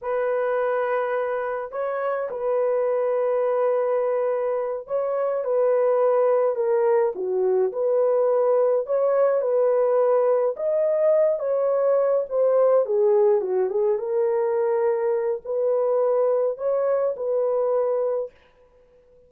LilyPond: \new Staff \with { instrumentName = "horn" } { \time 4/4 \tempo 4 = 105 b'2. cis''4 | b'1~ | b'8 cis''4 b'2 ais'8~ | ais'8 fis'4 b'2 cis''8~ |
cis''8 b'2 dis''4. | cis''4. c''4 gis'4 fis'8 | gis'8 ais'2~ ais'8 b'4~ | b'4 cis''4 b'2 | }